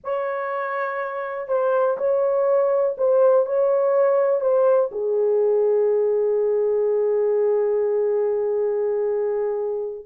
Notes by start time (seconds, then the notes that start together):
0.04 C#5
1.48 C5
1.97 C#5
2.97 C5
3.46 C#5
4.40 C5
4.91 G#4